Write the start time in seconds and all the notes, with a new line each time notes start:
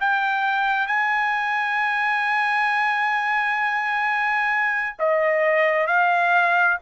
0.00 G5
0.87 G#5
4.99 D#5
5.86 F5